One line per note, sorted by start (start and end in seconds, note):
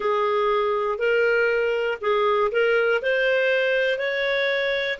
0.00 0.98 G#4
0.98 1.98 A#4
2.00 2.50 G#4
2.51 3.01 A#4
3.02 3.98 C5
3.98 4.98 C#5